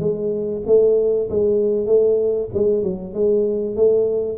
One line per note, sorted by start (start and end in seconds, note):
0.00 0.62 G#3
0.67 1.29 A3
1.30 1.87 G#3
1.87 2.49 A3
2.54 2.83 G#3
2.83 3.14 F#3
3.14 3.76 G#3
3.76 4.39 A3